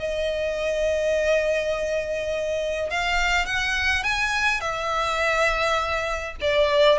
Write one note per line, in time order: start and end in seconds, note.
0.00 2.91 D#5
2.91 3.46 F5
3.46 4.04 F#5
4.04 4.61 G#5
4.61 6.36 E5
6.42 6.99 D5